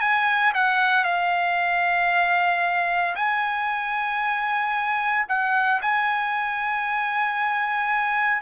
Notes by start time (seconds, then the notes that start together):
0.00 G#5
0.54 F#5
1.04 F5
3.15 G#5
5.28 F#5
5.82 G#5